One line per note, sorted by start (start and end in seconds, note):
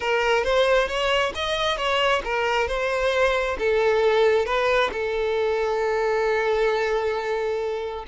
0.00 0.44 A#4
0.44 0.88 C5
0.88 1.32 C#5
1.34 1.77 D#5
1.77 2.22 C#5
2.24 2.67 A#4
2.67 3.57 C5
3.59 4.45 A4
4.45 4.90 B4
4.92 8.05 A4